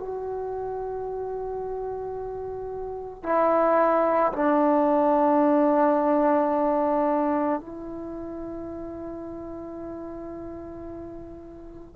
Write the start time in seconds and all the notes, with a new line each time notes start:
0.00 F#4
3.23 E4
4.33 D4
7.60 E4